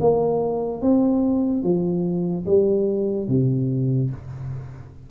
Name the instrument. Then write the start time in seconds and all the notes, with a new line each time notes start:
tuba
0.00 A#3
0.81 C4
1.63 F3
2.46 G3
3.28 C3